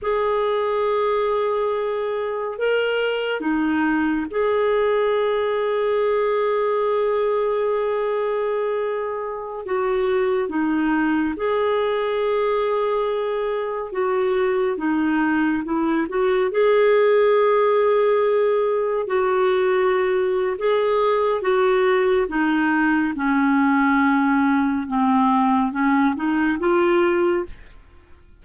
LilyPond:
\new Staff \with { instrumentName = "clarinet" } { \time 4/4 \tempo 4 = 70 gis'2. ais'4 | dis'4 gis'2.~ | gis'2.~ gis'16 fis'8.~ | fis'16 dis'4 gis'2~ gis'8.~ |
gis'16 fis'4 dis'4 e'8 fis'8 gis'8.~ | gis'2~ gis'16 fis'4.~ fis'16 | gis'4 fis'4 dis'4 cis'4~ | cis'4 c'4 cis'8 dis'8 f'4 | }